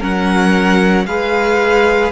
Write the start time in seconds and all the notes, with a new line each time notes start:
0.00 F#3 C#4 A#4 F#5
1.07 G#3 G#4 B4 F5